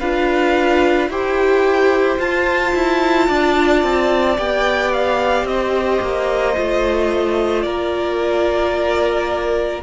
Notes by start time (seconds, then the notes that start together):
0.00 D4 F4 B4 F5
1.09 E4 G4 C5 G5
2.18 F4 A5
2.75 E4
3.28 D4 D5
3.83 C4
4.37 B3 G4 G5
4.93 F5
5.45 C4 C5 D#5
6.02 A#3
6.56 A3 F4
7.62 A#3 A#4 D5